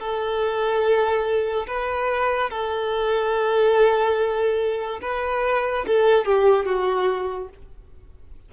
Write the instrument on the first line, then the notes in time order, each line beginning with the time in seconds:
violin
0.00 A4
1.68 B4
2.51 A4
5.02 B4
5.87 A4
6.26 G4
6.66 F#4